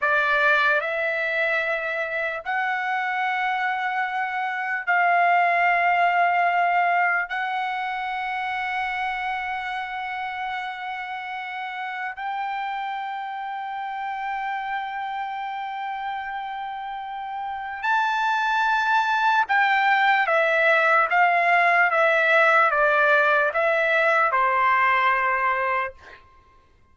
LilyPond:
\new Staff \with { instrumentName = "trumpet" } { \time 4/4 \tempo 4 = 74 d''4 e''2 fis''4~ | fis''2 f''2~ | f''4 fis''2.~ | fis''2. g''4~ |
g''1~ | g''2 a''2 | g''4 e''4 f''4 e''4 | d''4 e''4 c''2 | }